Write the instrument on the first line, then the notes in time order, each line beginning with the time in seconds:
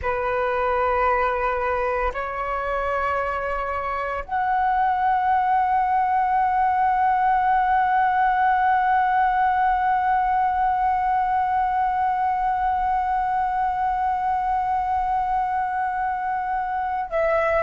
flute
0.01 B4
2.13 C#5
4.24 F#5
17.10 E5